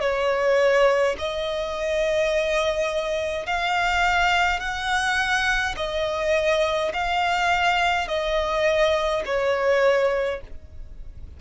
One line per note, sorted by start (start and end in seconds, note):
0.00 1.15 C#5
1.18 3.46 D#5
3.46 4.59 F5
4.59 5.75 F#5
5.76 6.92 D#5
6.93 8.08 F5
8.08 9.23 D#5
9.25 10.41 C#5